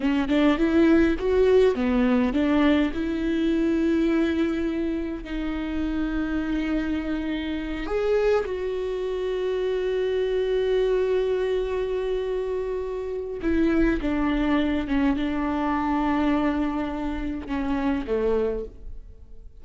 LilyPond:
\new Staff \with { instrumentName = "viola" } { \time 4/4 \tempo 4 = 103 cis'8 d'8 e'4 fis'4 b4 | d'4 e'2.~ | e'4 dis'2.~ | dis'4. gis'4 fis'4.~ |
fis'1~ | fis'2. e'4 | d'4. cis'8 d'2~ | d'2 cis'4 a4 | }